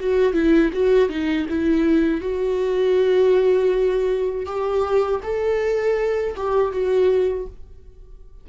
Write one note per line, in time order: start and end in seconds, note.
0.00 0.33 F#4
0.33 0.71 E4
0.73 1.09 F#4
1.09 1.47 D#4
1.49 2.21 E4
2.21 4.46 F#4
4.46 5.21 G4
5.23 6.36 A4
6.36 6.72 G4
6.72 7.47 F#4